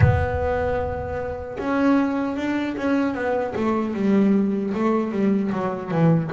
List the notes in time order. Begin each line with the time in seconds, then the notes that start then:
0.00 B3
1.59 C#4
2.36 D4
2.76 C#4
3.14 B3
3.55 A3
3.94 G3
4.74 A3
5.11 G3
5.52 F#3
5.91 E3